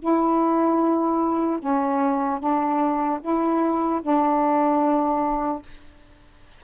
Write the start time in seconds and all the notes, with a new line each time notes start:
0.00 E4
1.60 C#4
2.40 D4
3.21 E4
4.03 D4